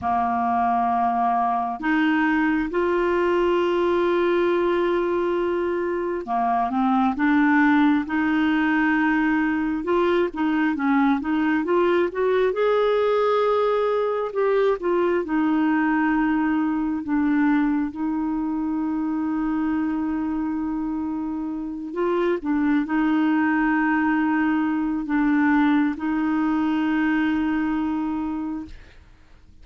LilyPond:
\new Staff \with { instrumentName = "clarinet" } { \time 4/4 \tempo 4 = 67 ais2 dis'4 f'4~ | f'2. ais8 c'8 | d'4 dis'2 f'8 dis'8 | cis'8 dis'8 f'8 fis'8 gis'2 |
g'8 f'8 dis'2 d'4 | dis'1~ | dis'8 f'8 d'8 dis'2~ dis'8 | d'4 dis'2. | }